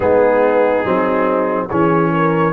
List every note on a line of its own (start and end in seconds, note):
0.00 0.83 G#3
0.00 0.84 B3
0.00 1.67 D#4
0.00 1.67 G#4
0.84 1.69 F#3
0.84 1.69 C4
1.68 2.52 E3
1.68 2.52 C#4
1.68 2.11 G#4
1.68 2.52 C#5
2.11 2.52 A#4